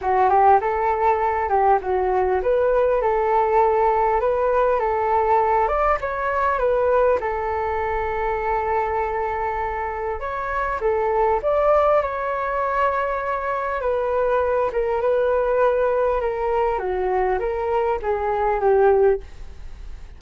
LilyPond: \new Staff \with { instrumentName = "flute" } { \time 4/4 \tempo 4 = 100 fis'8 g'8 a'4. g'8 fis'4 | b'4 a'2 b'4 | a'4. d''8 cis''4 b'4 | a'1~ |
a'4 cis''4 a'4 d''4 | cis''2. b'4~ | b'8 ais'8 b'2 ais'4 | fis'4 ais'4 gis'4 g'4 | }